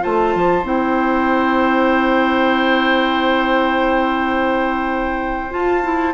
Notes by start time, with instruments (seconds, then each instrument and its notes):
0.00 bassoon A3, clarinet F4, oboe C5, flute A5
0.35 bassoon F3
0.63 bassoon C4, clarinet E4, flute G5
5.50 clarinet F4, bassoon F4, flute A5
5.83 clarinet E4